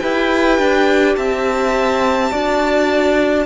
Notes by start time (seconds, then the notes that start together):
0.00 E4 G4 B4 G5
0.58 D4
1.16 C4 E5 A5
2.31 D4 F#4 D5